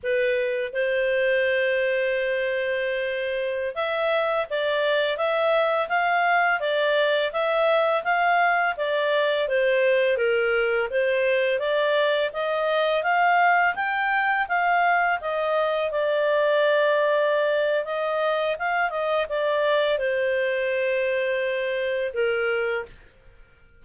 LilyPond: \new Staff \with { instrumentName = "clarinet" } { \time 4/4 \tempo 4 = 84 b'4 c''2.~ | c''4~ c''16 e''4 d''4 e''8.~ | e''16 f''4 d''4 e''4 f''8.~ | f''16 d''4 c''4 ais'4 c''8.~ |
c''16 d''4 dis''4 f''4 g''8.~ | g''16 f''4 dis''4 d''4.~ d''16~ | d''4 dis''4 f''8 dis''8 d''4 | c''2. ais'4 | }